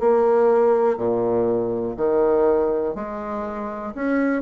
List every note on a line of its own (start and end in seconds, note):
0.00 0.97 A#3
0.97 1.95 A#2
1.97 2.95 D#3
2.96 3.94 G#3
3.95 4.42 C#4